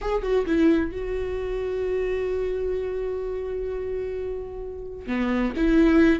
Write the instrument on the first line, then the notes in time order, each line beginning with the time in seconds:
viola
0.01 G#4
0.22 F#4
0.46 E4
0.91 F#4
5.06 B3
5.56 E4